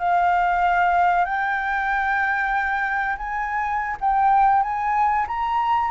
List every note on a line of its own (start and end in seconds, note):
0.00 1.26 F5
1.26 3.17 G5
3.18 3.97 G#5
4.01 4.63 G5
4.63 5.27 G#5
5.28 5.91 A#5